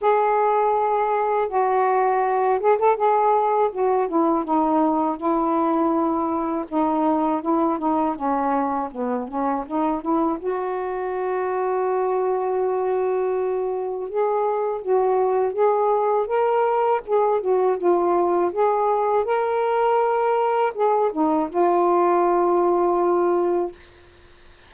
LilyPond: \new Staff \with { instrumentName = "saxophone" } { \time 4/4 \tempo 4 = 81 gis'2 fis'4. gis'16 a'16 | gis'4 fis'8 e'8 dis'4 e'4~ | e'4 dis'4 e'8 dis'8 cis'4 | b8 cis'8 dis'8 e'8 fis'2~ |
fis'2. gis'4 | fis'4 gis'4 ais'4 gis'8 fis'8 | f'4 gis'4 ais'2 | gis'8 dis'8 f'2. | }